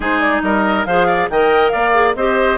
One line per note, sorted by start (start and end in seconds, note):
0.00 0.40 G#3
0.00 0.86 D#4
0.00 0.42 G#4
0.00 0.20 C5
0.20 0.41 D5
0.42 0.85 G3
0.42 0.87 A#4
0.42 0.85 D#5
0.85 1.29 F3
0.85 1.31 G#4
0.85 1.06 C5
0.85 1.28 F5
1.06 1.28 D5
1.29 1.72 D#3
1.29 1.92 A#4
1.29 1.72 D#5
1.29 1.68 G5
1.68 2.15 A#3
1.68 2.15 D5
1.68 2.12 F5
1.92 2.14 G#4
2.15 2.57 C4
2.15 2.57 G4
2.15 2.57 C5
2.15 2.57 D#5